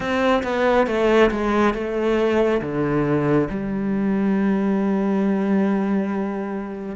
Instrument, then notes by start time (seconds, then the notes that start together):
cello
0.00 C4
0.43 B3
0.87 A3
1.30 G#3
1.74 A3
2.61 D3
3.50 G3